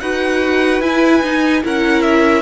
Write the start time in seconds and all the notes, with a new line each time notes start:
0.00 D#4 F#4 B4 F#5
0.80 E4 G#5
1.22 D#4
1.62 C#4 E4 A#4 F#5
2.01 E5